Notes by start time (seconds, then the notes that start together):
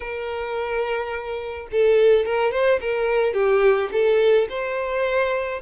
0.00 A#4
1.71 A4
2.25 A#4
2.51 C5
2.80 A#4
3.33 G4
3.92 A4
4.49 C5